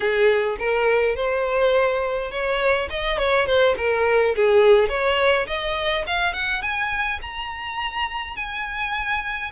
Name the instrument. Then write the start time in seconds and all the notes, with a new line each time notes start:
violin
0.00 G#4
0.58 A#4
1.15 C5
2.31 C#5
2.90 D#5
3.17 C#5
3.46 C5
3.77 A#4
4.35 G#4
4.88 C#5
5.47 D#5
6.06 F5
6.33 F#5
6.61 G#5
7.21 A#5
8.35 G#5